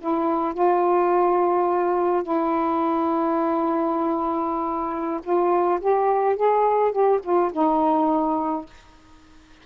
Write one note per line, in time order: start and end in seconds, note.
0.00 0.54 E4
0.54 2.23 F4
2.23 5.20 E4
5.23 5.80 F4
5.81 6.36 G4
6.36 6.92 G#4
6.92 7.20 G4
7.23 7.51 F4
7.52 8.66 D#4